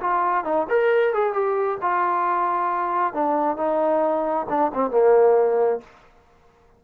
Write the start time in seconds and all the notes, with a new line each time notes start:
0.00 F4
0.44 D#4
0.69 A#4
1.13 G#4
1.33 G4
1.81 F4
3.14 D4
3.57 D#4
4.49 D4
4.74 C4
4.91 A#3